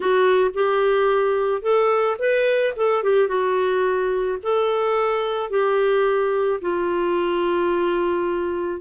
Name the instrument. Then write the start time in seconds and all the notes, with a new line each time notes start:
clarinet
0.00 F#4
0.54 G4
1.61 A4
2.18 B4
2.76 A4
3.03 G4
3.28 F#4
4.42 A4
5.49 G4
6.61 F4